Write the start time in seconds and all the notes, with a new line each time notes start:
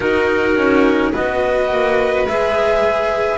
0.00 D#4 F#4 A#4
0.56 C#4
1.12 B3 F#4 B4 D#5
1.71 A#3
2.26 G#3 G#4 E5